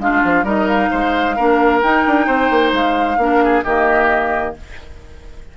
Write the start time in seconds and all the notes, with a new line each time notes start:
0.00 G#3 D4 F4 F5
0.25 F3
0.44 G3 D#4 A#4 D#5
0.68 F5
0.91 G#3 C5
1.37 A#3 D4 A#4
1.82 D#4 G5
2.07 D4
2.27 C4 C5
2.51 A#3
2.73 G#3 F5
3.18 A#3 D4 A#4
3.44 G#4
3.64 D#3 A#3 G4 D#5